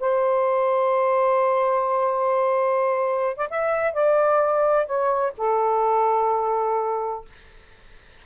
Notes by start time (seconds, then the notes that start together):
0.00 C5
3.37 D5
3.50 E5
3.94 D5
4.86 C#5
5.38 A4